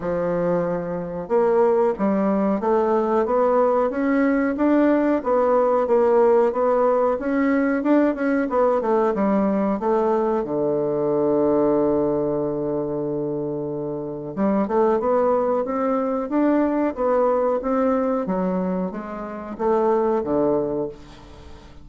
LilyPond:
\new Staff \with { instrumentName = "bassoon" } { \time 4/4 \tempo 4 = 92 f2 ais4 g4 | a4 b4 cis'4 d'4 | b4 ais4 b4 cis'4 | d'8 cis'8 b8 a8 g4 a4 |
d1~ | d2 g8 a8 b4 | c'4 d'4 b4 c'4 | fis4 gis4 a4 d4 | }